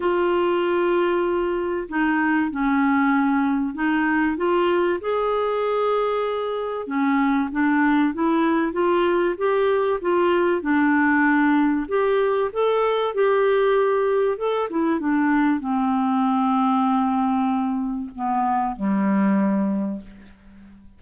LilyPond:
\new Staff \with { instrumentName = "clarinet" } { \time 4/4 \tempo 4 = 96 f'2. dis'4 | cis'2 dis'4 f'4 | gis'2. cis'4 | d'4 e'4 f'4 g'4 |
f'4 d'2 g'4 | a'4 g'2 a'8 e'8 | d'4 c'2.~ | c'4 b4 g2 | }